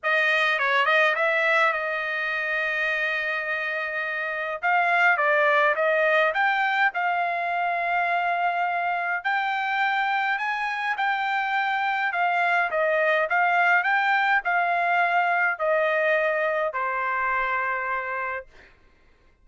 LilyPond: \new Staff \with { instrumentName = "trumpet" } { \time 4/4 \tempo 4 = 104 dis''4 cis''8 dis''8 e''4 dis''4~ | dis''1 | f''4 d''4 dis''4 g''4 | f''1 |
g''2 gis''4 g''4~ | g''4 f''4 dis''4 f''4 | g''4 f''2 dis''4~ | dis''4 c''2. | }